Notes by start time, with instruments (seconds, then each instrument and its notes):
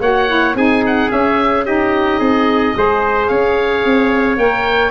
0.00 tuba A#3, saxophone F#4, trumpet C#5, oboe F#5
0.27 saxophone E4
0.55 tuba C4, saxophone D#4, trumpet G#4, oboe G#5
0.86 oboe F#5
1.10 saxophone C#4, tuba C#4, oboe E5
1.65 saxophone D#4, trumpet G4, oboe D#5
2.19 tuba C4, trumpet G#4
2.75 tuba G#3, saxophone G#4, trumpet C5
3.27 tuba C#4, trumpet C#5, oboe F5
3.84 tuba C4
4.37 tuba A#3, saxophone A#4, oboe G5